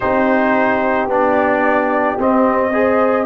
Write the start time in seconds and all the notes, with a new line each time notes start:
0.00 C4 D#4 G4 C5
1.06 B3 D4 D5
2.18 C4 D#5
2.71 G#4 C5